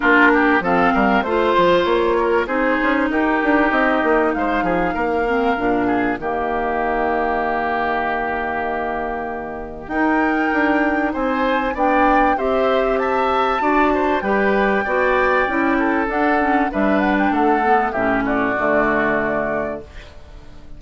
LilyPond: <<
  \new Staff \with { instrumentName = "flute" } { \time 4/4 \tempo 4 = 97 ais'4 f''4 c''4 cis''4 | c''4 ais'4 dis''4 f''4~ | f''2 dis''2~ | dis''1 |
g''2 gis''4 g''4 | e''4 a''2 g''4~ | g''2 fis''4 e''8 fis''16 g''16 | fis''4 e''8 d''2~ d''8 | }
  \new Staff \with { instrumentName = "oboe" } { \time 4/4 f'8 g'8 a'8 ais'8 c''4. ais'8 | gis'4 g'2 c''8 gis'8 | ais'4. gis'8 g'2~ | g'1 |
ais'2 c''4 d''4 | c''4 e''4 d''8 c''8 b'4 | d''4. a'4. b'4 | a'4 g'8 fis'2~ fis'8 | }
  \new Staff \with { instrumentName = "clarinet" } { \time 4/4 d'4 c'4 f'2 | dis'1~ | dis'8 c'8 d'4 ais2~ | ais1 |
dis'2. d'4 | g'2 fis'4 g'4 | fis'4 e'4 d'8 cis'8 d'4~ | d'8 b8 cis'4 a2 | }
  \new Staff \with { instrumentName = "bassoon" } { \time 4/4 ais4 f8 g8 a8 f8 ais4 | c'8 cis'8 dis'8 d'8 c'8 ais8 gis8 f8 | ais4 ais,4 dis2~ | dis1 |
dis'4 d'4 c'4 b4 | c'2 d'4 g4 | b4 cis'4 d'4 g4 | a4 a,4 d2 | }
>>